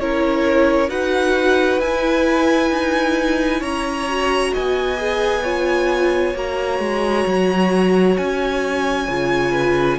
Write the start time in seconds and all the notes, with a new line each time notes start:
0.00 C#4 E4 A#4 C#5
0.89 D#4 F#4 B4 F#5
1.80 E4 G#5
2.71 D#4
3.61 C#4 C#5 A#5
4.09 F#4
4.54 B3 D#5 G#5
4.98 G#4
5.44 F4 C#5
6.35 A#3 F#4 A#5
6.79 G#3
7.27 F#3
8.18 C#4 G#5
9.08 C#3 F4
9.52 B4